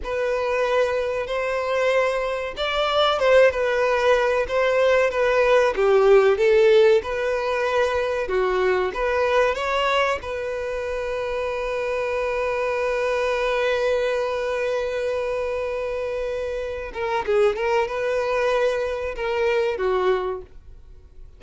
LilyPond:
\new Staff \with { instrumentName = "violin" } { \time 4/4 \tempo 4 = 94 b'2 c''2 | d''4 c''8 b'4. c''4 | b'4 g'4 a'4 b'4~ | b'4 fis'4 b'4 cis''4 |
b'1~ | b'1~ | b'2~ b'8 ais'8 gis'8 ais'8 | b'2 ais'4 fis'4 | }